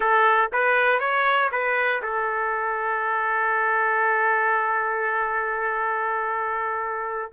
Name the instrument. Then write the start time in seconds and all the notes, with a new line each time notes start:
trumpet
0.00 A4
0.52 B4
0.99 C#5
1.51 B4
2.02 A4